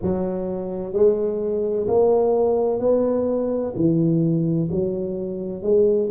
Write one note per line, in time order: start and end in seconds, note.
0.02 0.93 F#3
0.93 1.87 G#3
1.87 2.79 A#3
2.79 3.73 B3
3.75 4.69 E3
4.71 5.62 F#3
5.62 6.09 G#3